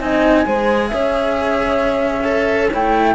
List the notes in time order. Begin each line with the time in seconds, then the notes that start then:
0.00 C4 D#4 D#5 G#5
0.46 G#3 G#4 C5
0.88 C#4 C#5 E5
2.24 A4
2.73 A3 E4 G5